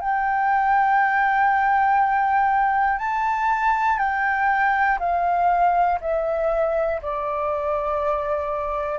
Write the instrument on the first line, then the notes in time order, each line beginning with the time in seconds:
flute
0.00 G5
2.99 A5
3.98 G5
4.99 F5
6.00 E5
7.01 D5